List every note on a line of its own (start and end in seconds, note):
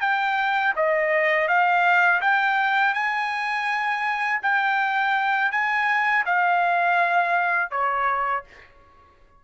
0.00 0.73 G5
0.75 1.47 D#5
1.47 2.21 F5
2.21 2.94 G5
2.94 4.40 G#5
4.42 5.51 G5
5.51 6.24 G#5
6.25 7.70 F5
7.70 8.43 C#5